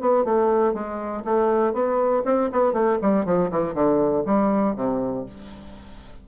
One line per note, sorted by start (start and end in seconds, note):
0.00 0.24 B3
0.24 0.74 A3
0.74 1.24 G#3
1.24 1.73 A3
1.73 2.23 B3
2.25 2.50 C4
2.52 2.73 B3
2.73 2.98 A3
3.01 3.25 G3
3.25 3.50 F3
3.50 3.74 E3
3.74 4.24 D3
4.25 4.75 G3
4.75 5.25 C3